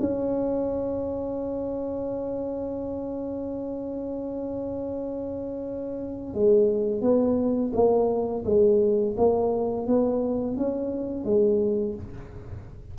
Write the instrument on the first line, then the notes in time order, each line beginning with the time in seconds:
tuba
0.00 C#4
6.35 G#3
7.02 B3
7.74 A#3
8.45 G#3
9.18 A#3
9.87 B3
10.57 C#4
11.25 G#3